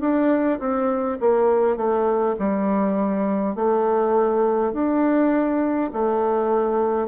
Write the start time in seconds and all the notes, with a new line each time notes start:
0.00 D4
0.59 C4
1.20 A#3
1.76 A3
2.39 G3
3.56 A3
4.73 D4
5.93 A3